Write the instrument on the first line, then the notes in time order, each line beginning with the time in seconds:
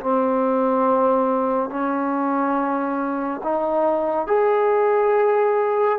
trombone
0.00 C4
1.70 C#4
3.44 D#4
4.27 G#4